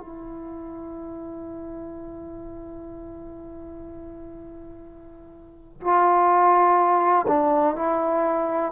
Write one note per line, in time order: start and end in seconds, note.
0.00 5.81 E4
5.81 7.26 F4
7.28 7.76 D4
7.76 8.72 E4